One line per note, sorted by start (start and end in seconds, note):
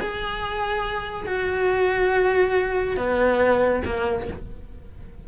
0.00 1.26 G#4
1.26 2.96 F#4
2.96 3.82 B3
3.84 4.27 A#3